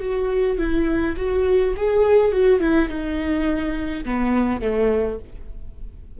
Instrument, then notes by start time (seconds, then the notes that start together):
viola
0.00 F#4
0.58 E4
1.17 F#4
1.76 G#4
2.32 F#4
2.60 E4
2.89 D#4
4.05 B3
4.61 A3